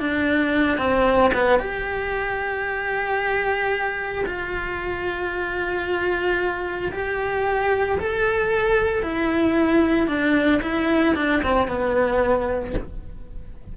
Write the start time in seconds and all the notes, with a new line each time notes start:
0.00 D4
0.78 C4
1.34 B3
1.60 G4
4.26 F4
6.92 G4
7.99 A4
9.03 E4
10.08 D4
10.62 E4
11.16 D4
11.43 C4
11.68 B3